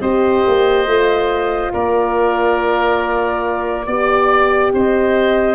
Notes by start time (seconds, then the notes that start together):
0.00 C4 G4 C5 D#5
0.46 A#3
0.86 A3 F4
1.72 A#3 A#4 D5
3.86 B3 G4 D5
4.73 C4 C5 D#5